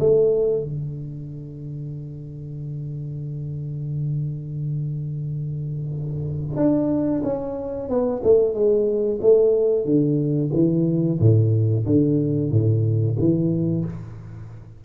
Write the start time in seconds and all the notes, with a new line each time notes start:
0.00 A3
0.64 D3
6.57 D4
7.24 C#4
7.89 B3
8.24 A3
8.54 G#3
9.22 A3
9.85 D3
10.53 E3
11.20 A2
11.86 D3
12.52 A2
13.19 E3